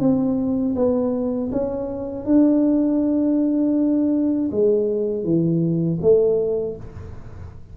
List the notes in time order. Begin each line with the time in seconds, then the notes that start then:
0.00 C4
0.76 B3
1.52 C#4
2.26 D4
4.52 G#3
5.24 E3
6.02 A3